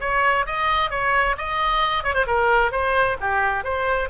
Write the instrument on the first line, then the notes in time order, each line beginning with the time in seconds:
oboe
0.00 C#5
0.46 D#5
0.90 C#5
1.37 D#5
2.03 C#5
2.14 C5
2.26 A#4
2.71 C5
3.20 G4
3.64 C5